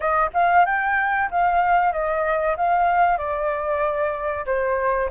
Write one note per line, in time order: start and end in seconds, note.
0.00 0.30 D#5
0.33 0.65 F5
0.65 1.29 G5
1.30 1.92 F5
1.92 2.56 D#5
2.56 3.17 F5
3.17 4.45 D5
4.45 5.09 C5